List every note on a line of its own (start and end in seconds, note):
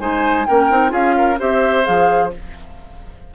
0.00 0.47 G#3
0.00 0.47 D#4
0.00 0.48 C5
0.00 0.46 G#5
0.46 0.70 A#3
0.46 0.71 C#4
0.46 0.92 A#4
0.46 0.92 G5
0.70 0.92 C4
0.70 0.89 D#4
0.89 1.38 C#4
0.89 1.36 F4
0.89 1.15 G#4
0.89 1.39 F5
1.18 1.39 A#4
1.39 1.87 C4
1.39 1.84 G4
1.39 2.32 C5
1.39 1.86 E5
1.84 2.35 F3
1.84 2.30 G#4
1.84 2.33 F5